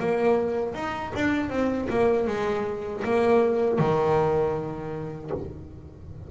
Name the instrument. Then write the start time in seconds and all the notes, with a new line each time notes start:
double bass
0.00 A#3
0.75 D#4
1.16 D4
1.50 C4
1.90 A#3
2.28 G#3
3.05 A#3
3.79 D#3